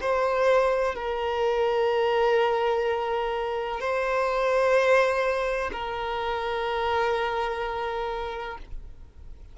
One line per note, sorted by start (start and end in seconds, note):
0.00 0.95 C5
0.95 3.80 A#4
3.80 5.70 C5
5.72 8.58 A#4